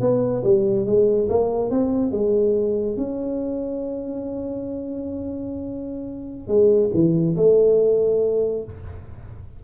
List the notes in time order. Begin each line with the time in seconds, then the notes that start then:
0.00 B3
0.43 G3
0.85 G#3
1.29 A#3
1.70 C4
2.11 G#3
2.96 C#4
6.47 G#3
6.93 E3
7.36 A3